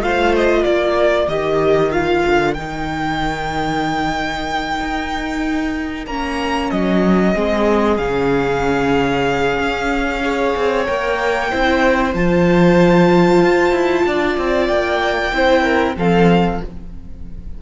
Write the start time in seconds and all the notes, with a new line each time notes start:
0.00 A3 F4 C5 F5
0.36 D#5
0.62 A#3 A#4 D5
1.27 D#3 G4 D#5
1.91 F4 F5
2.25 D3
2.54 D#3 D#4 G5
4.80 D#4
6.06 A#3 C#4 A#5
6.70 F#3 D#5
7.34 G#3 C4 G#4
7.97 C#3 C#4 F5
9.58 C#4
10.21 G#4 C#5
10.56 C4
10.85 A#3 A#4 G5
11.49 C4 E4 C5
12.13 F3 F4 A5
13.42 F4
13.71 E4
14.05 D4 D5
14.37 C4
14.67 A#3 G5
15.32 C4 E4 C5
15.62 A#4
15.96 F3 C4 A4 F5